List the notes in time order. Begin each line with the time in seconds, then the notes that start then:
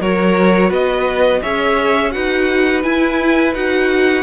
0.00 F#3 F#4 A#4 C#5
0.69 B3 B4 D#5
1.41 C#4 G#4 C#5 E5
2.11 D#4 F#4 B4 F#5
2.82 E4 G#5
3.54 D#4 F#4 F#5